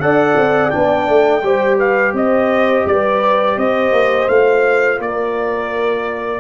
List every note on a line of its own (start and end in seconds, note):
0.00 0.36 D4
0.00 0.71 A4
0.00 1.46 D5
0.00 0.71 F#5
0.37 0.73 C4
0.71 1.09 B3
0.71 1.43 D4
0.71 1.78 G5
1.09 1.43 A3
1.43 2.14 G3
1.43 4.30 G4
1.43 1.78 C5
1.78 2.14 B4
1.78 2.15 F5
2.14 2.85 C4
2.14 2.88 C5
2.14 2.88 D#5
2.86 3.57 G3
2.86 3.59 B4
2.86 3.59 D5
3.57 3.92 C4
3.57 4.99 C5
3.57 4.29 D#5
3.92 4.28 A#3
4.29 4.99 A3
4.29 6.40 F4
4.29 5.00 F5
4.99 6.40 A#3
4.99 6.40 A#4
4.99 6.40 D5